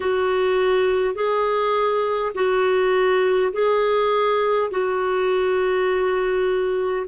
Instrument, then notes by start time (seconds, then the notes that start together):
clarinet
0.00 F#4
1.14 G#4
2.34 F#4
3.52 G#4
4.71 F#4